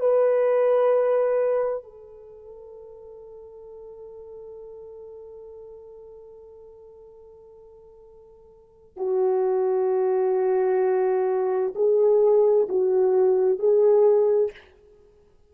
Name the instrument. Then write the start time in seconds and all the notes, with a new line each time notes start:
horn
0.00 B4
1.83 A4
8.97 F#4
11.75 G#4
12.69 F#4
13.59 G#4